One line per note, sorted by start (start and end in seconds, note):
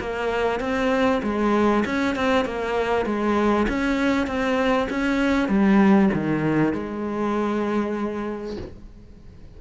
0.00 0.60 A#3
0.60 1.21 C4
1.23 1.84 G#3
1.86 2.16 C#4
2.16 2.45 C4
2.45 3.06 A#3
3.06 3.67 G#3
3.68 4.27 C#4
4.27 4.88 C4
4.90 5.49 C#4
5.49 6.10 G3
6.14 6.73 D#3
6.73 8.57 G#3